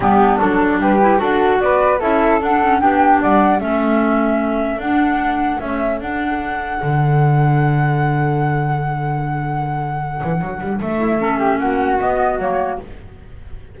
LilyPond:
<<
  \new Staff \with { instrumentName = "flute" } { \time 4/4 \tempo 4 = 150 g'4 a'4 b'4 a'4 | d''4 e''4 fis''4 g''4 | fis''4 e''2. | fis''2 e''4 fis''4~ |
fis''1~ | fis''1~ | fis''2. e''4~ | e''4 fis''4 dis''4 cis''4 | }
  \new Staff \with { instrumentName = "flute" } { \time 4/4 d'2 g'4 fis'4 | b'4 a'2 g'4 | d''4 a'2.~ | a'1~ |
a'1~ | a'1~ | a'2.~ a'8 e'8 | a'8 g'8 fis'2. | }
  \new Staff \with { instrumentName = "clarinet" } { \time 4/4 b4 d'4. e'8 fis'4~ | fis'4 e'4 d'8 cis'8 d'4~ | d'4 cis'2. | d'2 a4 d'4~ |
d'1~ | d'1~ | d'1 | cis'2 b4 ais4 | }
  \new Staff \with { instrumentName = "double bass" } { \time 4/4 g4 fis4 g4 d'4 | b4 cis'4 d'4 b4 | g4 a2. | d'2 cis'4 d'4~ |
d'4 d2.~ | d1~ | d4. e8 fis8 g8 a4~ | a4 ais4 b4 fis4 | }
>>